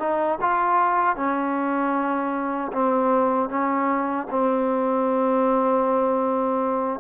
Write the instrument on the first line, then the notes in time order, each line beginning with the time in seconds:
trombone
0.00 D#4
0.41 F4
1.17 C#4
2.73 C4
3.50 C#4
4.31 C4